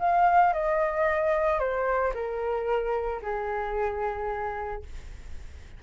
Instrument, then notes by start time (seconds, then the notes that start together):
flute
0.00 F5
0.54 D#5
1.60 C5
2.15 A#4
3.22 G#4